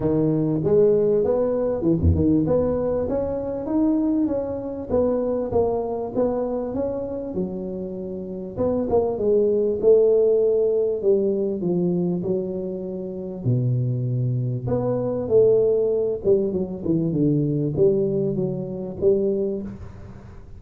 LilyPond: \new Staff \with { instrumentName = "tuba" } { \time 4/4 \tempo 4 = 98 dis4 gis4 b4 e16 e,16 dis8 | b4 cis'4 dis'4 cis'4 | b4 ais4 b4 cis'4 | fis2 b8 ais8 gis4 |
a2 g4 f4 | fis2 b,2 | b4 a4. g8 fis8 e8 | d4 g4 fis4 g4 | }